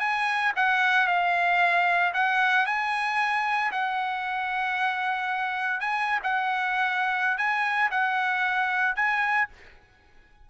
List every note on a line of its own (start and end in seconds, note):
0.00 0.53 G#5
0.56 1.08 F#5
1.08 2.13 F5
2.14 2.67 F#5
2.67 3.72 G#5
3.72 5.81 F#5
5.81 6.20 G#5
6.23 7.38 F#5
7.38 7.91 G#5
7.91 8.96 F#5
8.96 9.49 G#5